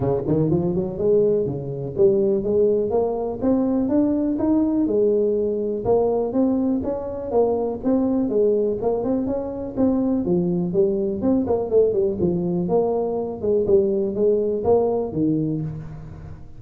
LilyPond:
\new Staff \with { instrumentName = "tuba" } { \time 4/4 \tempo 4 = 123 cis8 dis8 f8 fis8 gis4 cis4 | g4 gis4 ais4 c'4 | d'4 dis'4 gis2 | ais4 c'4 cis'4 ais4 |
c'4 gis4 ais8 c'8 cis'4 | c'4 f4 g4 c'8 ais8 | a8 g8 f4 ais4. gis8 | g4 gis4 ais4 dis4 | }